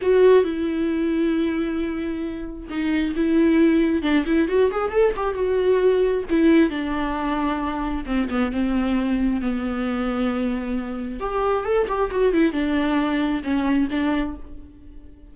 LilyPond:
\new Staff \with { instrumentName = "viola" } { \time 4/4 \tempo 4 = 134 fis'4 e'2.~ | e'2 dis'4 e'4~ | e'4 d'8 e'8 fis'8 gis'8 a'8 g'8 | fis'2 e'4 d'4~ |
d'2 c'8 b8 c'4~ | c'4 b2.~ | b4 g'4 a'8 g'8 fis'8 e'8 | d'2 cis'4 d'4 | }